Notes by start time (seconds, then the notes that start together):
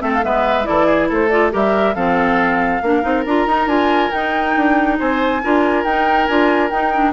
0.00 A3 C4 A4 E5
0.13 F5
0.22 G#3 B3 B4 E5
0.63 E3 E4 A4 D5
0.86 G#4
1.09 A3 A4 C5
1.29 F4 D5
1.51 G3 G4 A#4 E5
1.95 F3 C4 A4 F5
2.81 A#3 D4 A#4
3.02 C4 D#4
3.25 D4 F4 A#5
3.46 D#4
3.66 D4 F4 G#5
4.11 D#4 G5
4.56 D4
4.98 C4 C5 G#5
5.43 D4 F4 A#4
5.84 D#4 G5
6.26 D4 F4 G#5
6.70 D#4 G5
6.94 D4